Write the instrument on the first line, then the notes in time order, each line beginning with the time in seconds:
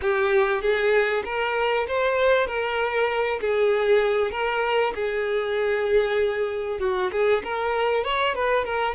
violin
0.01 G4
0.61 G#4
1.25 A#4
1.87 C5
2.46 A#4
3.40 G#4
4.31 A#4
4.95 G#4
6.79 F#4
7.12 G#4
7.43 A#4
8.04 C#5
8.34 B4
8.65 A#4